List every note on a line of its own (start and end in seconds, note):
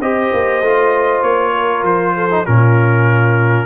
0.00 0.31 C4
0.00 0.63 G4
0.00 1.53 C5
0.00 1.22 D#5
0.33 0.61 A#3
0.61 1.22 A3
0.61 2.30 F4
1.22 1.83 A#3
1.22 1.84 C#5
1.53 2.14 A#4
1.83 2.44 F3
1.83 2.46 C5
2.16 2.46 A4
2.30 2.45 D#4
2.46 3.65 A#2
2.46 3.65 C#4
2.46 3.65 F4
2.46 3.65 A#4